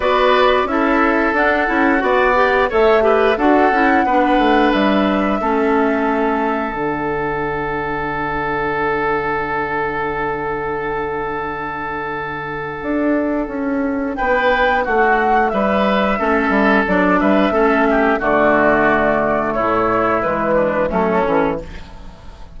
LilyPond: <<
  \new Staff \with { instrumentName = "flute" } { \time 4/4 \tempo 4 = 89 d''4 e''4 fis''2 | e''4 fis''2 e''4~ | e''2 fis''2~ | fis''1~ |
fis''1~ | fis''4 g''4 fis''4 e''4~ | e''4 d''8 e''4. d''4~ | d''4 cis''4 b'4 a'4 | }
  \new Staff \with { instrumentName = "oboe" } { \time 4/4 b'4 a'2 d''4 | cis''8 b'8 a'4 b'2 | a'1~ | a'1~ |
a'1~ | a'4 b'4 fis'4 b'4 | a'4. b'8 a'8 g'8 fis'4~ | fis'4 e'4. d'8 cis'4 | }
  \new Staff \with { instrumentName = "clarinet" } { \time 4/4 fis'4 e'4 d'8 e'8 fis'8 g'8 | a'8 g'8 fis'8 e'8 d'2 | cis'2 d'2~ | d'1~ |
d'1~ | d'1 | cis'4 d'4 cis'4 a4~ | a2 gis4 a8 cis'8 | }
  \new Staff \with { instrumentName = "bassoon" } { \time 4/4 b4 cis'4 d'8 cis'8 b4 | a4 d'8 cis'8 b8 a8 g4 | a2 d2~ | d1~ |
d2. d'4 | cis'4 b4 a4 g4 | a8 g8 fis8 g8 a4 d4~ | d4 a,4 e4 fis8 e8 | }
>>